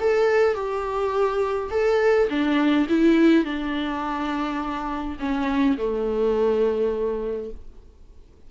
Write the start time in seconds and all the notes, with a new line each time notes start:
0.00 A4
0.54 G4
1.70 A4
2.29 D4
2.89 E4
3.44 D4
5.19 C#4
5.77 A3